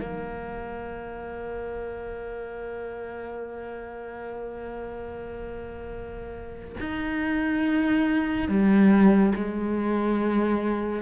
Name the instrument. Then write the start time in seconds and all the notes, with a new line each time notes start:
cello
0.00 A#3
6.80 D#4
8.49 G3
9.35 G#3